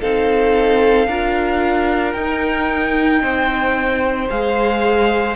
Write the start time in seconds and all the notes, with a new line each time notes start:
0.00 C4 D#4 A4 F5
1.07 D4 F4 A#4
2.13 D#4 G5
3.21 C4 C5
4.30 G#3 G#4 F5